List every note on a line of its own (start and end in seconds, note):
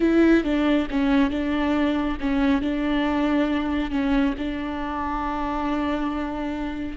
0.00 0.43 E4
0.43 0.87 D4
0.90 1.30 C#4
1.30 2.17 D4
2.20 2.61 C#4
2.61 3.91 D4
3.91 4.34 C#4
4.38 6.97 D4